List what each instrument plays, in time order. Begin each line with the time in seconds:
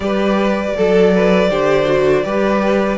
0.00 cello G3, viola G4, violin B4 D5
0.77 cello F#3, violin A4, viola A4
1.14 violin B4
1.49 cello D3, viola G4, violin C5
1.85 viola F#4
2.23 cello G3, viola G4, violin B4